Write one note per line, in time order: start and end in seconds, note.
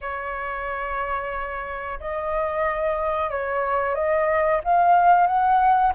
0.01 1.99 C#5
2.00 3.30 D#5
3.30 3.94 C#5
3.94 4.60 D#5
4.63 5.27 F5
5.27 5.93 F#5